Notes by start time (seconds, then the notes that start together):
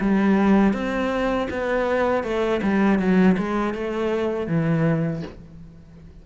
0.00 G3
0.73 C4
1.50 B3
2.23 A3
2.62 G3
2.99 F#3
3.37 G#3
3.74 A3
4.47 E3